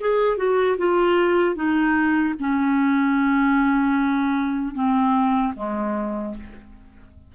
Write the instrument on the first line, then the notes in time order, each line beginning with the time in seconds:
clarinet
0.00 G#4
0.37 F#4
0.78 F4
1.55 D#4
2.40 C#4
4.74 C4
5.56 G#3